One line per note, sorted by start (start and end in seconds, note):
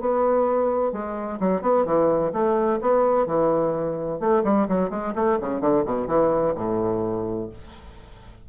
0.00 0.92 B3
0.92 1.39 G#3
1.40 1.62 F#3
1.62 1.85 B3
1.85 2.32 E3
2.32 2.79 A3
2.81 3.26 B3
3.26 4.20 E3
4.20 4.43 A3
4.44 4.67 G3
4.68 4.90 F#3
4.90 5.13 G#3
5.15 5.38 A3
5.41 5.61 C#3
5.61 5.84 D3
5.85 6.07 B2
6.07 6.54 E3
6.55 7.49 A2